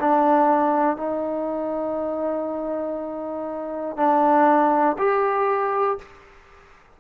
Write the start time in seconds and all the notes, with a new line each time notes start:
0.00 D4
0.97 D#4
3.97 D4
4.98 G4